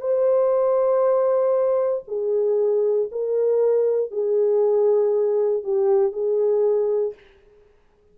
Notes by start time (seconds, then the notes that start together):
0.00 C5
2.08 G#4
3.12 A#4
4.11 G#4
5.63 G4
6.12 G#4